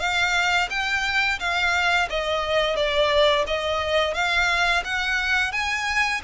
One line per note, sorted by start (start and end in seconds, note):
0.00 0.69 F5
0.71 1.39 G5
1.40 2.09 F5
2.10 2.76 D#5
2.76 3.45 D5
3.47 4.14 D#5
4.14 4.83 F5
4.85 5.53 F#5
5.53 6.22 G#5